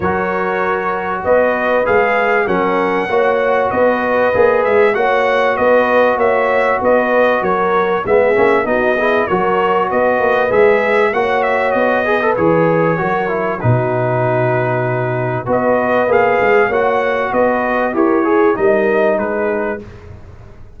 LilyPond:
<<
  \new Staff \with { instrumentName = "trumpet" } { \time 4/4 \tempo 4 = 97 cis''2 dis''4 f''4 | fis''2 dis''4. e''8 | fis''4 dis''4 e''4 dis''4 | cis''4 e''4 dis''4 cis''4 |
dis''4 e''4 fis''8 e''8 dis''4 | cis''2 b'2~ | b'4 dis''4 f''4 fis''4 | dis''4 cis''4 dis''4 b'4 | }
  \new Staff \with { instrumentName = "horn" } { \time 4/4 ais'2 b'2 | ais'4 cis''4 b'2 | cis''4 b'4 cis''4 b'4 | ais'4 gis'4 fis'8 gis'8 ais'4 |
b'2 cis''4. b'8~ | b'4 ais'4 fis'2~ | fis'4 b'2 cis''4 | b'4 ais'8 gis'8 ais'4 gis'4 | }
  \new Staff \with { instrumentName = "trombone" } { \time 4/4 fis'2. gis'4 | cis'4 fis'2 gis'4 | fis'1~ | fis'4 b8 cis'8 dis'8 e'8 fis'4~ |
fis'4 gis'4 fis'4. gis'16 a'16 | gis'4 fis'8 e'8 dis'2~ | dis'4 fis'4 gis'4 fis'4~ | fis'4 g'8 gis'8 dis'2 | }
  \new Staff \with { instrumentName = "tuba" } { \time 4/4 fis2 b4 gis4 | fis4 ais4 b4 ais8 gis8 | ais4 b4 ais4 b4 | fis4 gis8 ais8 b4 fis4 |
b8 ais8 gis4 ais4 b4 | e4 fis4 b,2~ | b,4 b4 ais8 gis8 ais4 | b4 e'4 g4 gis4 | }
>>